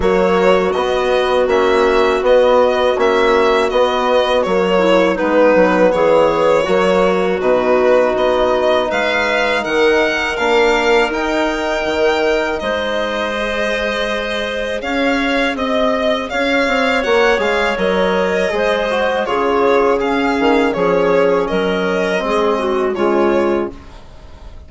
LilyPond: <<
  \new Staff \with { instrumentName = "violin" } { \time 4/4 \tempo 4 = 81 cis''4 dis''4 e''4 dis''4 | e''4 dis''4 cis''4 b'4 | cis''2 b'4 dis''4 | f''4 fis''4 f''4 g''4~ |
g''4 dis''2. | f''4 dis''4 f''4 fis''8 f''8 | dis''2 cis''4 f''4 | cis''4 dis''2 cis''4 | }
  \new Staff \with { instrumentName = "clarinet" } { \time 4/4 fis'1~ | fis'2~ fis'8 e'8 dis'4 | gis'4 fis'2. | b'4 ais'2.~ |
ais'4 c''2. | cis''4 dis''4 cis''2~ | cis''4 c''4 gis'4 cis'4 | gis'4 ais'4 gis'8 fis'8 f'4 | }
  \new Staff \with { instrumentName = "trombone" } { \time 4/4 ais4 b4 cis'4 b4 | cis'4 b4 ais4 b4~ | b4 ais4 dis'2~ | dis'2 d'4 dis'4~ |
dis'2 gis'2~ | gis'2. fis'8 gis'8 | ais'4 gis'8 fis'8 f'4 gis'4 | cis'2 c'4 gis4 | }
  \new Staff \with { instrumentName = "bassoon" } { \time 4/4 fis4 b4 ais4 b4 | ais4 b4 fis4 gis8 fis8 | e4 fis4 b,4 b4 | gis4 dis4 ais4 dis'4 |
dis4 gis2. | cis'4 c'4 cis'8 c'8 ais8 gis8 | fis4 gis4 cis4. dis8 | f4 fis4 gis4 cis4 | }
>>